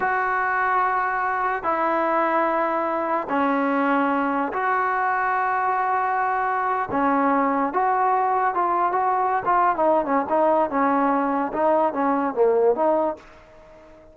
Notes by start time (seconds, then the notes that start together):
0.00 F#4
1.63 E4
3.29 C#4
4.52 F#4
6.91 C#4
7.73 F#4
8.54 F4
8.92 F#4
9.45 F4
9.76 D#4
10.05 C#4
10.29 D#4
10.69 C#4
11.53 D#4
11.93 C#4
12.34 A#3
12.75 D#4